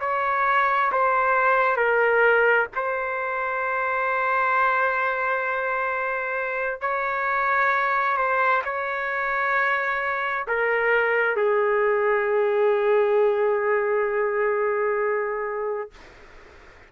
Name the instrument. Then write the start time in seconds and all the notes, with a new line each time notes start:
trumpet
0.00 C#5
0.91 C5
1.76 A#4
2.75 C5
6.81 C#5
8.17 C5
8.64 C#5
10.47 A#4
11.36 G#4